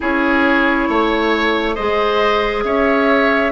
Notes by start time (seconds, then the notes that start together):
0.00 C#4 E4 G#4 C#5
0.88 A3 C#5
1.74 G#3 G#4 C5 D#5
2.64 C#4 C#5 E5